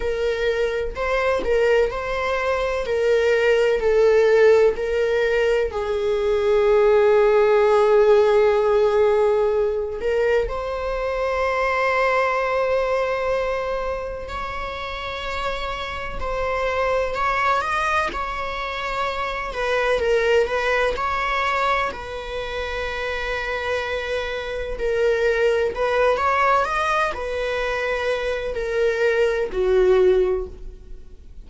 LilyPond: \new Staff \with { instrumentName = "viola" } { \time 4/4 \tempo 4 = 63 ais'4 c''8 ais'8 c''4 ais'4 | a'4 ais'4 gis'2~ | gis'2~ gis'8 ais'8 c''4~ | c''2. cis''4~ |
cis''4 c''4 cis''8 dis''8 cis''4~ | cis''8 b'8 ais'8 b'8 cis''4 b'4~ | b'2 ais'4 b'8 cis''8 | dis''8 b'4. ais'4 fis'4 | }